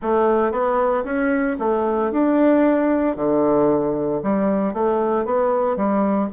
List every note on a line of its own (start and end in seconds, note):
0.01 0.51 A3
0.51 1.04 B3
1.04 1.56 C#4
1.59 2.11 A3
2.11 3.16 D4
3.16 4.21 D3
4.22 4.73 G3
4.73 5.25 A3
5.25 5.76 B3
5.76 6.29 G3